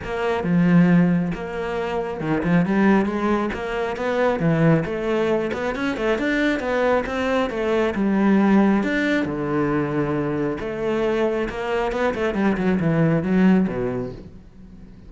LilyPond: \new Staff \with { instrumentName = "cello" } { \time 4/4 \tempo 4 = 136 ais4 f2 ais4~ | ais4 dis8 f8 g4 gis4 | ais4 b4 e4 a4~ | a8 b8 cis'8 a8 d'4 b4 |
c'4 a4 g2 | d'4 d2. | a2 ais4 b8 a8 | g8 fis8 e4 fis4 b,4 | }